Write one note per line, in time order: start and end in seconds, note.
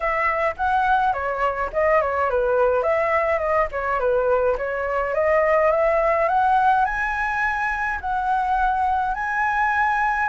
0.00 0.54 E5
0.57 1.13 F#5
1.13 1.70 C#5
1.72 2.01 D#5
2.01 2.29 C#5
2.30 2.83 B4
2.83 3.38 E5
3.38 3.67 D#5
3.71 3.99 C#5
3.99 4.56 B4
4.57 5.14 C#5
5.14 5.71 D#5
5.71 6.28 E5
6.28 6.85 F#5
6.85 7.99 G#5
8.01 9.14 F#5
9.14 10.29 G#5